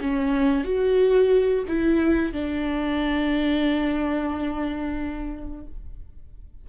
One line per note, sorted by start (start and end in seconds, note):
0.00 0.64 C#4
0.64 1.64 F#4
1.68 2.33 E4
2.33 5.66 D4